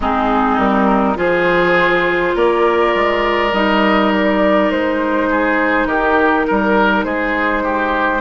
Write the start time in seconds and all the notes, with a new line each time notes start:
0.00 G#3 C4 D#4 G#4
0.58 G3 A#4
1.15 F3 F4 G#4 C5
2.35 A#3 A#4 D5
2.94 G#3
3.52 G3 D#4 D#5
4.12 D5
4.70 G#3 C5
5.30 G#4
5.85 D#3 G4 A#4
6.47 G3 A#4
7.04 G#3 G#4 C5
7.63 G4